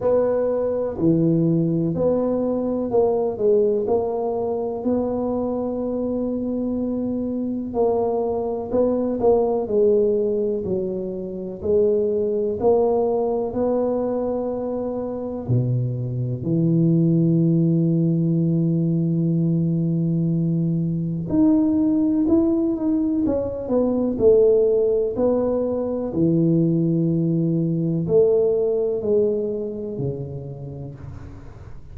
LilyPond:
\new Staff \with { instrumentName = "tuba" } { \time 4/4 \tempo 4 = 62 b4 e4 b4 ais8 gis8 | ais4 b2. | ais4 b8 ais8 gis4 fis4 | gis4 ais4 b2 |
b,4 e2.~ | e2 dis'4 e'8 dis'8 | cis'8 b8 a4 b4 e4~ | e4 a4 gis4 cis4 | }